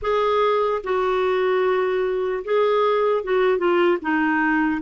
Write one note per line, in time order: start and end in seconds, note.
0.01 0.81 G#4
0.83 2.43 F#4
2.44 3.23 G#4
3.23 3.58 F#4
3.58 3.98 F4
4.01 4.81 D#4